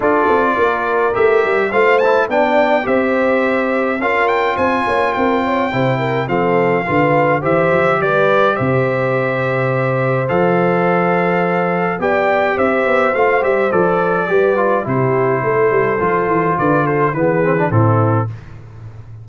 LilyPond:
<<
  \new Staff \with { instrumentName = "trumpet" } { \time 4/4 \tempo 4 = 105 d''2 e''4 f''8 a''8 | g''4 e''2 f''8 g''8 | gis''4 g''2 f''4~ | f''4 e''4 d''4 e''4~ |
e''2 f''2~ | f''4 g''4 e''4 f''8 e''8 | d''2 c''2~ | c''4 d''8 c''8 b'4 a'4 | }
  \new Staff \with { instrumentName = "horn" } { \time 4/4 a'4 ais'2 c''4 | d''4 c''2 ais'4 | c''8 cis''8 ais'8 cis''8 c''8 ais'8 a'4 | b'4 c''4 b'4 c''4~ |
c''1~ | c''4 d''4 c''2~ | c''4 b'4 g'4 a'4~ | a'4 b'8 a'8 gis'4 e'4 | }
  \new Staff \with { instrumentName = "trombone" } { \time 4/4 f'2 g'4 f'8 e'8 | d'4 g'2 f'4~ | f'2 e'4 c'4 | f'4 g'2.~ |
g'2 a'2~ | a'4 g'2 f'8 g'8 | a'4 g'8 f'8 e'2 | f'2 b8 c'16 d'16 c'4 | }
  \new Staff \with { instrumentName = "tuba" } { \time 4/4 d'8 c'8 ais4 a8 g8 a4 | b4 c'2 cis'4 | c'8 ais8 c'4 c4 f4 | d4 e8 f8 g4 c4~ |
c2 f2~ | f4 b4 c'8 b8 a8 g8 | f4 g4 c4 a8 g8 | f8 e8 d4 e4 a,4 | }
>>